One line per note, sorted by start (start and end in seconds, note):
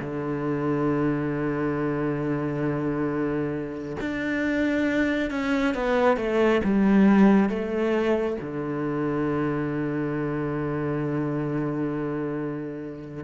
0.00 3.97 D3
4.01 5.31 D4
5.31 5.75 C#4
5.75 6.17 B3
6.17 6.61 A3
6.64 7.49 G3
7.49 8.37 A3
8.41 13.24 D3